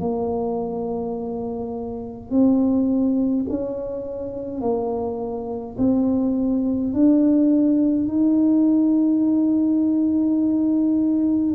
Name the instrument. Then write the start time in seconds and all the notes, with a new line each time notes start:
tuba
0.00 A#3
2.30 C4
3.49 C#4
4.61 A#3
5.78 C4
6.94 D4
8.08 D#4